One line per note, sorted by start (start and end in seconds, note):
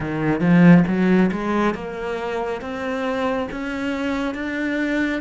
0.00 0.40 D#3
0.40 0.83 F3
0.87 1.30 F#3
1.31 1.74 G#3
1.74 2.61 A#3
2.61 3.48 C4
3.51 4.34 C#4
4.34 5.21 D4